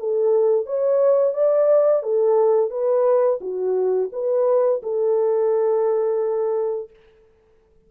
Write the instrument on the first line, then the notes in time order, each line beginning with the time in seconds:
horn
0.00 A4
0.66 C#5
1.34 D5
2.03 A4
2.71 B4
3.41 F#4
4.13 B4
4.83 A4